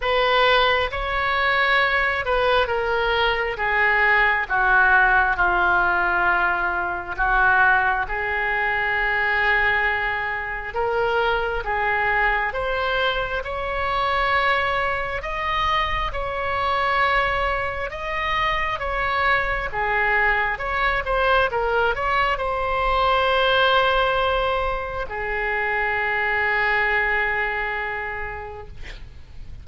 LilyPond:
\new Staff \with { instrumentName = "oboe" } { \time 4/4 \tempo 4 = 67 b'4 cis''4. b'8 ais'4 | gis'4 fis'4 f'2 | fis'4 gis'2. | ais'4 gis'4 c''4 cis''4~ |
cis''4 dis''4 cis''2 | dis''4 cis''4 gis'4 cis''8 c''8 | ais'8 cis''8 c''2. | gis'1 | }